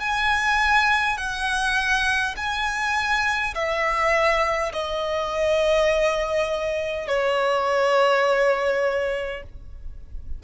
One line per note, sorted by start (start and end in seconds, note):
0.00 1.18 G#5
1.18 2.35 F#5
2.37 3.55 G#5
3.55 4.72 E5
4.73 7.07 D#5
7.07 9.43 C#5